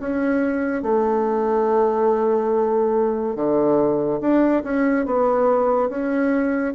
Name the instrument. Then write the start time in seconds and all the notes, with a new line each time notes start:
bassoon
0.00 C#4
0.82 A3
3.36 D3
4.21 D4
4.64 C#4
5.06 B3
5.89 C#4